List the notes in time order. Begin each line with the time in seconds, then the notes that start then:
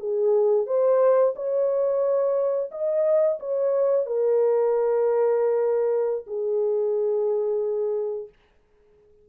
0.00 G#4
0.67 C5
1.36 C#5
2.72 D#5
3.40 C#5
4.07 A#4
6.27 G#4